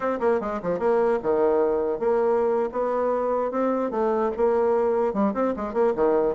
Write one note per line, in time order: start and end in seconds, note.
0.00 0.19 C4
0.20 0.40 A#3
0.40 0.60 G#3
0.62 0.79 F3
0.79 1.19 A#3
1.22 1.99 D#3
1.99 2.69 A#3
2.72 3.51 B3
3.51 3.90 C4
3.90 4.31 A3
4.36 5.13 A#3
5.13 5.33 G3
5.34 5.54 C4
5.56 5.73 G#3
5.73 5.93 A#3
5.95 6.35 D#3